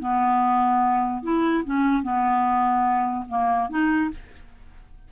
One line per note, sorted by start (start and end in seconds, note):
0.00 1.23 B3
1.23 1.64 E4
1.65 2.03 C#4
2.03 3.26 B3
3.29 3.70 A#3
3.70 4.11 D#4